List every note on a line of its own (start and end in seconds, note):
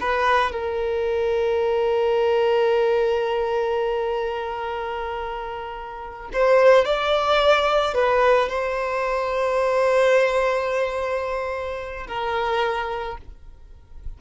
0.00 0.52 B4
0.52 6.30 A#4
6.33 6.85 C5
6.85 7.94 D5
7.94 8.49 B4
8.49 12.07 C5
12.07 13.17 A#4